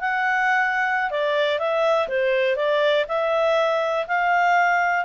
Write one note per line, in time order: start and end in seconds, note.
0.00 1.10 F#5
1.10 1.58 D5
1.58 2.08 E5
2.08 2.56 C5
2.56 3.05 D5
3.08 4.06 E5
4.07 5.05 F5